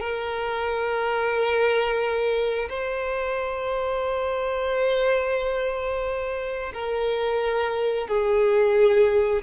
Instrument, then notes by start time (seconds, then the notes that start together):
violin
0.00 A#4
2.69 C5
6.73 A#4
8.08 G#4